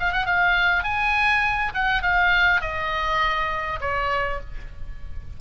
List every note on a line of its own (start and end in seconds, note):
0.00 0.13 F5
0.13 0.26 F#5
0.26 0.84 F5
0.84 1.73 G#5
1.75 2.03 F#5
2.03 2.61 F5
2.61 3.80 D#5
3.81 4.40 C#5